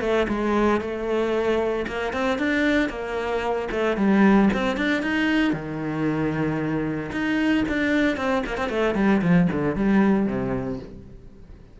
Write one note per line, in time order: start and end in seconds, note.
0.00 0.26 A3
0.28 0.80 G#3
0.80 1.86 A3
1.87 2.12 A#3
2.12 2.38 C4
2.38 2.89 D4
2.89 3.68 A#3
3.71 3.97 A3
3.97 4.49 G3
4.54 4.77 C4
4.77 5.02 D4
5.02 5.53 D#4
5.53 7.11 D#3
7.11 7.64 D#4
7.68 8.17 D4
8.17 8.43 C4
8.46 8.57 A#3
8.57 8.69 C4
8.69 8.95 A3
8.95 9.21 G3
9.21 9.48 F3
9.52 9.76 D3
9.76 10.26 G3
10.26 10.79 C3